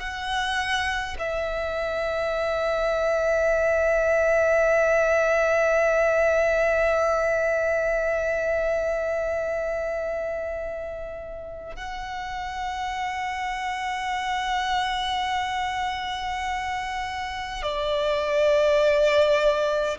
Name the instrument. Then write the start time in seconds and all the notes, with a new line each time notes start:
violin
0.00 F#5
1.19 E5
11.76 F#5
17.63 D5